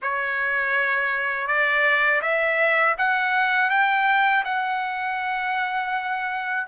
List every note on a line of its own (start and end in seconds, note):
0.02 1.47 C#5
1.47 2.21 D5
2.21 2.95 E5
2.98 3.70 F#5
3.70 4.44 G5
4.44 6.67 F#5